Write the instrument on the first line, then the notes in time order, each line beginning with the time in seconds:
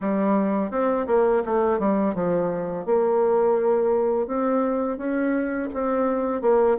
bassoon
0.01 G3
0.70 C4
1.06 A#3
1.45 A3
1.79 G3
2.14 F3
2.85 A#3
4.27 C4
4.97 C#4
5.73 C4
6.41 A#3